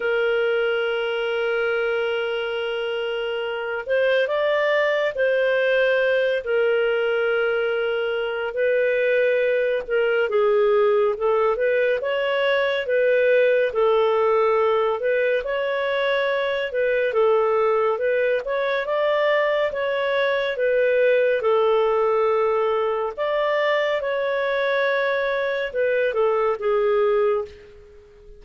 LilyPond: \new Staff \with { instrumentName = "clarinet" } { \time 4/4 \tempo 4 = 70 ais'1~ | ais'8 c''8 d''4 c''4. ais'8~ | ais'2 b'4. ais'8 | gis'4 a'8 b'8 cis''4 b'4 |
a'4. b'8 cis''4. b'8 | a'4 b'8 cis''8 d''4 cis''4 | b'4 a'2 d''4 | cis''2 b'8 a'8 gis'4 | }